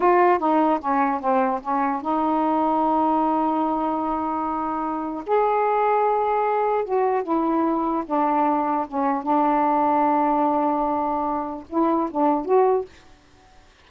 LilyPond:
\new Staff \with { instrumentName = "saxophone" } { \time 4/4 \tempo 4 = 149 f'4 dis'4 cis'4 c'4 | cis'4 dis'2.~ | dis'1~ | dis'4 gis'2.~ |
gis'4 fis'4 e'2 | d'2 cis'4 d'4~ | d'1~ | d'4 e'4 d'4 fis'4 | }